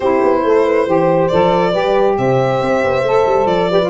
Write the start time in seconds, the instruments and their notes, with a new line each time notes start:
0.00 tuba C4, saxophone E4, horn G4, violin C5
0.22 tuba B3
0.44 tuba A3, horn A4
0.65 horn B4
0.86 tuba E3, saxophone G4, horn C5
1.28 tuba F3, saxophone A4, violin D5
1.71 tuba G3, saxophone G4, horn B4
2.17 tuba C3, horn C5, violin E5
2.61 tuba C4
2.83 tuba B3
3.02 tuba A3, saxophone A4
3.25 tuba G3
3.46 tuba F3, violin D5
3.69 saxophone G4, horn B4
3.82 saxophone F4